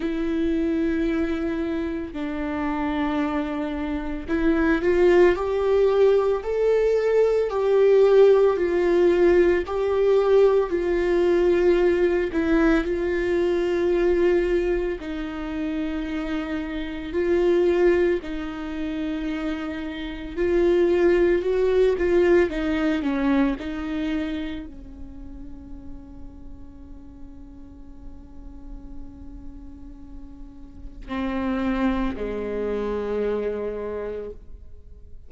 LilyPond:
\new Staff \with { instrumentName = "viola" } { \time 4/4 \tempo 4 = 56 e'2 d'2 | e'8 f'8 g'4 a'4 g'4 | f'4 g'4 f'4. e'8 | f'2 dis'2 |
f'4 dis'2 f'4 | fis'8 f'8 dis'8 cis'8 dis'4 cis'4~ | cis'1~ | cis'4 c'4 gis2 | }